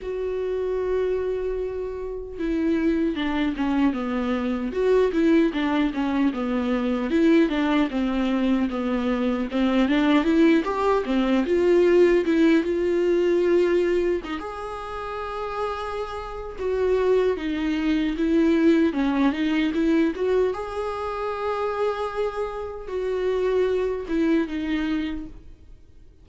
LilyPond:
\new Staff \with { instrumentName = "viola" } { \time 4/4 \tempo 4 = 76 fis'2. e'4 | d'8 cis'8 b4 fis'8 e'8 d'8 cis'8 | b4 e'8 d'8 c'4 b4 | c'8 d'8 e'8 g'8 c'8 f'4 e'8 |
f'2 dis'16 gis'4.~ gis'16~ | gis'4 fis'4 dis'4 e'4 | cis'8 dis'8 e'8 fis'8 gis'2~ | gis'4 fis'4. e'8 dis'4 | }